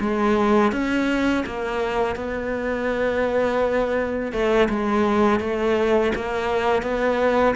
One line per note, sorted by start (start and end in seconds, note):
0.00 0.72 G#3
0.72 1.45 C#4
1.46 2.16 A#3
2.16 4.32 B3
4.32 4.69 A3
4.69 5.40 G#3
5.40 6.12 A3
6.15 6.82 A#3
6.82 7.55 B3